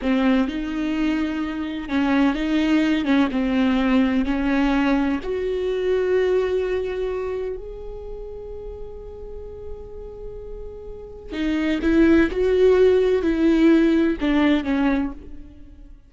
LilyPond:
\new Staff \with { instrumentName = "viola" } { \time 4/4 \tempo 4 = 127 c'4 dis'2. | cis'4 dis'4. cis'8 c'4~ | c'4 cis'2 fis'4~ | fis'1 |
gis'1~ | gis'1 | dis'4 e'4 fis'2 | e'2 d'4 cis'4 | }